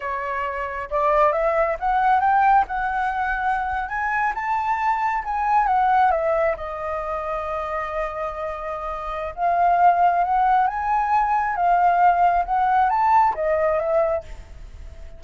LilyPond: \new Staff \with { instrumentName = "flute" } { \time 4/4 \tempo 4 = 135 cis''2 d''4 e''4 | fis''4 g''4 fis''2~ | fis''8. gis''4 a''2 gis''16~ | gis''8. fis''4 e''4 dis''4~ dis''16~ |
dis''1~ | dis''4 f''2 fis''4 | gis''2 f''2 | fis''4 a''4 dis''4 e''4 | }